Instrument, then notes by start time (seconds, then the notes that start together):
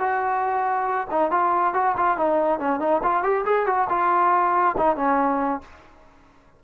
trombone
0.00 F#4
1.11 D#4
1.31 F4
1.74 F#4
1.97 F4
2.18 D#4
2.60 C#4
2.80 D#4
3.04 F4
3.24 G4
3.46 G#4
3.67 F#4
3.90 F4
4.78 D#4
4.97 C#4